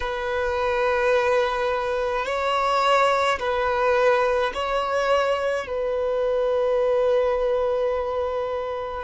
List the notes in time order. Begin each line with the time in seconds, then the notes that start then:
0.00 B4
2.25 C#5
3.39 B4
4.53 C#5
5.66 B4